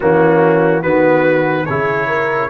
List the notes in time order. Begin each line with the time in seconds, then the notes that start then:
0.00 E3 A#3 C#4 F#4
0.80 D#3 B3 F#4 B4
1.65 C#3 E4 G#4 C#5
2.07 A#4